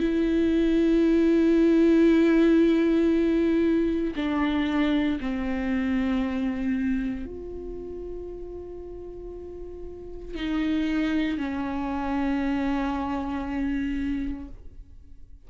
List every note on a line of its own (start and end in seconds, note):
0.00 4.14 E4
4.16 5.19 D4
5.20 7.26 C4
7.26 10.35 F4
10.35 11.38 D#4
11.38 14.48 C#4